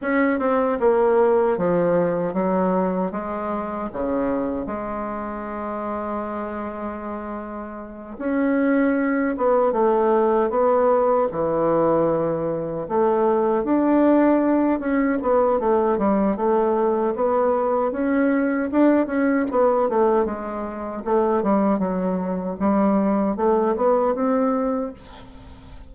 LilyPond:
\new Staff \with { instrumentName = "bassoon" } { \time 4/4 \tempo 4 = 77 cis'8 c'8 ais4 f4 fis4 | gis4 cis4 gis2~ | gis2~ gis8 cis'4. | b8 a4 b4 e4.~ |
e8 a4 d'4. cis'8 b8 | a8 g8 a4 b4 cis'4 | d'8 cis'8 b8 a8 gis4 a8 g8 | fis4 g4 a8 b8 c'4 | }